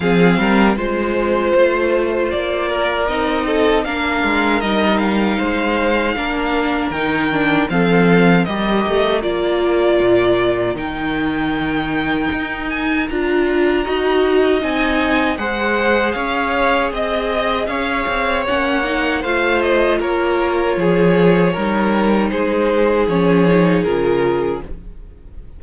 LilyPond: <<
  \new Staff \with { instrumentName = "violin" } { \time 4/4 \tempo 4 = 78 f''4 c''2 d''4 | dis''4 f''4 dis''8 f''4.~ | f''4 g''4 f''4 dis''4 | d''2 g''2~ |
g''8 gis''8 ais''2 gis''4 | fis''4 f''4 dis''4 f''4 | fis''4 f''8 dis''8 cis''2~ | cis''4 c''4 cis''4 ais'4 | }
  \new Staff \with { instrumentName = "violin" } { \time 4/4 gis'8 ais'8 c''2~ c''8 ais'8~ | ais'8 a'8 ais'2 c''4 | ais'2 a'4 ais'4~ | ais'1~ |
ais'2 dis''2 | c''4 cis''4 dis''4 cis''4~ | cis''4 c''4 ais'4 gis'4 | ais'4 gis'2. | }
  \new Staff \with { instrumentName = "viola" } { \time 4/4 c'4 f'2. | dis'4 d'4 dis'2 | d'4 dis'8 d'8 c'4 g'4 | f'2 dis'2~ |
dis'4 f'4 fis'4 dis'4 | gis'1 | cis'8 dis'8 f'2. | dis'2 cis'8 dis'8 f'4 | }
  \new Staff \with { instrumentName = "cello" } { \time 4/4 f8 g8 gis4 a4 ais4 | c'4 ais8 gis8 g4 gis4 | ais4 dis4 f4 g8 a8 | ais4 ais,4 dis2 |
dis'4 d'4 dis'4 c'4 | gis4 cis'4 c'4 cis'8 c'8 | ais4 a4 ais4 f4 | g4 gis4 f4 cis4 | }
>>